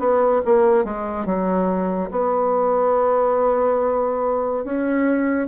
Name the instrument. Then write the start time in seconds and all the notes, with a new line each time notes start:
bassoon
0.00 B3
0.46 A#3
0.85 G#3
1.26 F#3
2.12 B3
4.65 C#4